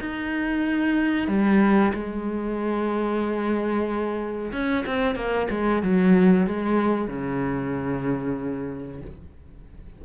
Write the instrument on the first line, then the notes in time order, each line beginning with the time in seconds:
cello
0.00 D#4
1.28 G3
1.94 G#3
4.52 C#4
4.86 C4
5.15 A#3
5.50 G#3
5.83 F#3
6.47 G#3
7.08 C#3